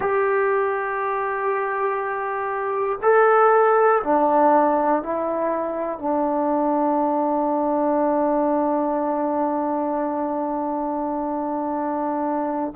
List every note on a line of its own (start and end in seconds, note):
0.00 2.98 G4
3.02 4.02 A4
4.03 5.02 D4
5.02 5.98 E4
5.98 12.73 D4